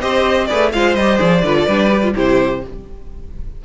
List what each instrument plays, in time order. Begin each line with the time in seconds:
0.00 cello C4, viola G4, violin C5 D#5
0.45 cello A3, viola G#4, violin B4 D5
0.72 cello G#3, viola F4, violin C5 F5
0.95 cello G3, viola G4, violin D#5
1.17 cello F3, viola G#4, violin D5
1.42 cello D3, viola F4, violin B4
1.58 violin A4
1.66 cello G3, viola D4, violin B4
1.90 viola G4
2.02 viola F4
2.14 cello C3, viola E4, violin G4 C5